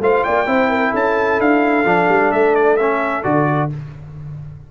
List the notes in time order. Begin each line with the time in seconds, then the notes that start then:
0.00 A3 F4 C5 F5
0.24 A#3 D5 G5
0.46 C4 E4 C5
0.70 A#4
0.91 C#4 A4 A5
1.40 D4 F5
1.85 F3 D4
2.09 G3
2.32 A3 E5
2.55 D5
2.77 C#4 E5
3.23 D3 F#4 D5